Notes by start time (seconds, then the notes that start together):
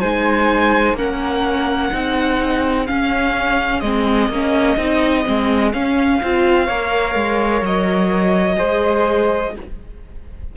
0.00 G#3 D#4 C5 G#5
0.94 A#3 C#4 A#4 F#5
1.90 C4 D#4 G#4
2.87 C#4 F5
3.80 G#3 C4 D#5
4.29 A#3 C#4
4.77 C4 D#4
5.24 G#3 C4
5.73 C#4 F5
6.22 C4 F4
6.65 A#3 A#4 C#5
7.15 G#3
7.62 F#3 D#5
8.56 G#3 G#4 C5